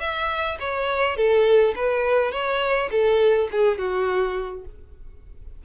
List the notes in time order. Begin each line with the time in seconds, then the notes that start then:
0.00 E5
0.60 C#5
1.17 A4
1.76 B4
2.32 C#5
2.91 A4
3.51 G#4
3.78 F#4